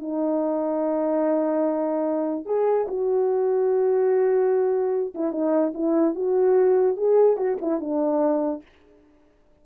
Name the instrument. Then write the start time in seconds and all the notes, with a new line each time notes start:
horn
0.00 D#4
2.46 G#4
2.88 F#4
5.15 E4
5.32 D#4
5.75 E4
6.16 F#4
6.97 G#4
7.38 F#4
7.62 E4
7.81 D4